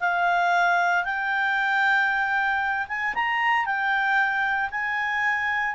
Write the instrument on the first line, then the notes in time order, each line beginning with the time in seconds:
clarinet
0.00 F5
1.04 G5
2.88 G#5
3.14 A#5
3.66 G5
4.71 G#5